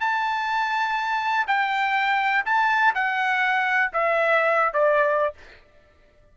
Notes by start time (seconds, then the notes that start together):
0.00 A5
1.48 G5
2.45 A5
2.95 F#5
3.93 E5
4.74 D5